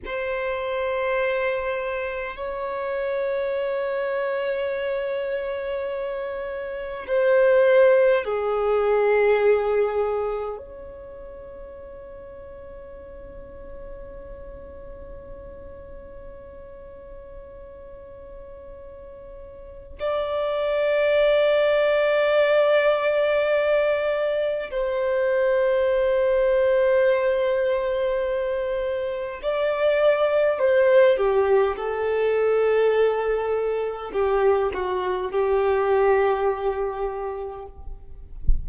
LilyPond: \new Staff \with { instrumentName = "violin" } { \time 4/4 \tempo 4 = 51 c''2 cis''2~ | cis''2 c''4 gis'4~ | gis'4 cis''2.~ | cis''1~ |
cis''4 d''2.~ | d''4 c''2.~ | c''4 d''4 c''8 g'8 a'4~ | a'4 g'8 fis'8 g'2 | }